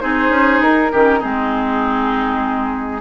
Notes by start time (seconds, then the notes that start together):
0.00 C4 D#4 G#4 C5
0.29 C#4
0.60 D#4 A#4
0.91 D#3 C#4 G4
1.19 G#3 C4 D#4 G#4